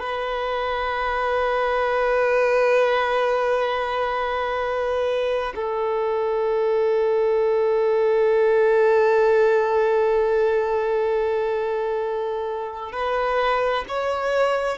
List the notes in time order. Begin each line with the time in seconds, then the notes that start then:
0.00 B4
5.56 A4
12.93 B4
13.89 C#5